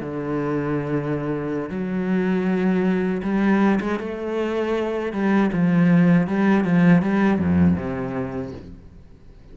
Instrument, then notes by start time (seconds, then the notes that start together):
cello
0.00 D3
1.69 F#3
3.22 G3
3.80 G#3
3.99 A3
5.12 G3
5.53 F3
6.27 G3
6.64 F3
7.01 G3
7.38 F2
7.76 C3